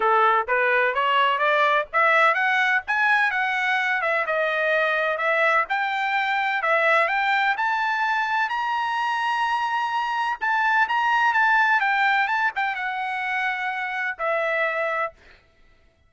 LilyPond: \new Staff \with { instrumentName = "trumpet" } { \time 4/4 \tempo 4 = 127 a'4 b'4 cis''4 d''4 | e''4 fis''4 gis''4 fis''4~ | fis''8 e''8 dis''2 e''4 | g''2 e''4 g''4 |
a''2 ais''2~ | ais''2 a''4 ais''4 | a''4 g''4 a''8 g''8 fis''4~ | fis''2 e''2 | }